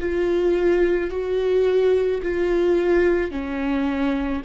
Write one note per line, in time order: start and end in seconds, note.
0.00 1.10 F4
1.10 2.21 F#4
2.22 3.31 F4
3.31 4.42 C#4